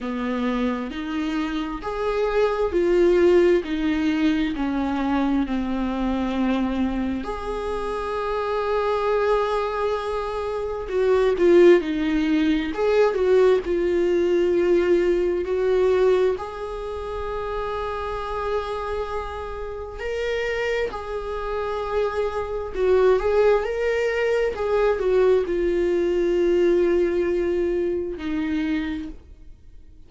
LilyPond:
\new Staff \with { instrumentName = "viola" } { \time 4/4 \tempo 4 = 66 b4 dis'4 gis'4 f'4 | dis'4 cis'4 c'2 | gis'1 | fis'8 f'8 dis'4 gis'8 fis'8 f'4~ |
f'4 fis'4 gis'2~ | gis'2 ais'4 gis'4~ | gis'4 fis'8 gis'8 ais'4 gis'8 fis'8 | f'2. dis'4 | }